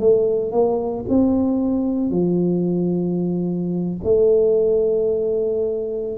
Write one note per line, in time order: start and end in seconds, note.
0.00 0.52 A3
0.52 1.06 A#3
1.09 2.11 C4
2.11 3.98 F3
4.04 6.19 A3